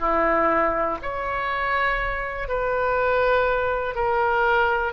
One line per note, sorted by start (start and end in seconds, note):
0.00 0.98 E4
1.02 2.49 C#5
2.49 3.95 B4
3.95 4.93 A#4